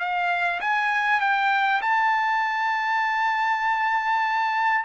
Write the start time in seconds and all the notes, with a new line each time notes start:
0.00 F5
0.61 G#5
1.21 G5
1.82 A5